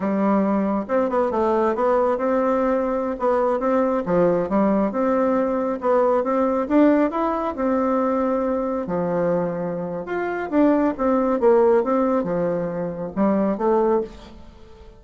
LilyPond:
\new Staff \with { instrumentName = "bassoon" } { \time 4/4 \tempo 4 = 137 g2 c'8 b8 a4 | b4 c'2~ c'16 b8.~ | b16 c'4 f4 g4 c'8.~ | c'4~ c'16 b4 c'4 d'8.~ |
d'16 e'4 c'2~ c'8.~ | c'16 f2~ f8. f'4 | d'4 c'4 ais4 c'4 | f2 g4 a4 | }